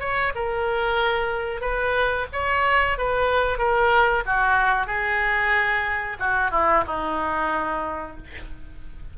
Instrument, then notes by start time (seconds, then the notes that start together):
oboe
0.00 C#5
0.35 A#4
1.61 B4
2.33 C#5
2.98 B4
3.58 A#4
4.26 F#4
4.87 G#4
6.19 F#4
6.51 E4
6.87 D#4